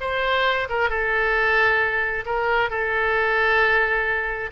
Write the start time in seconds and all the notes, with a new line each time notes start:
0.00 C5
0.69 A#4
0.89 A4
2.26 A#4
2.70 A4